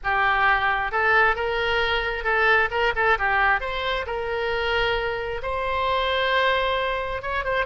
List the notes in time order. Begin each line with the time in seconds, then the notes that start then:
0.03 G4
0.91 A4
1.35 A#4
2.24 A4
2.70 A#4
2.95 A4
3.18 G4
3.60 C5
4.06 A#4
5.42 C5
7.21 C#5
7.44 C5